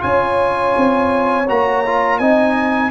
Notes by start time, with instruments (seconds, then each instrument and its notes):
0.00 tuba C#4, trombone F4, horn C#5, trumpet G#5
0.77 tuba C4
1.49 tuba A#3, trombone F#4, trumpet A#5
1.86 trombone F4
2.19 tuba C4, trombone D#4, horn D#5, trumpet G#5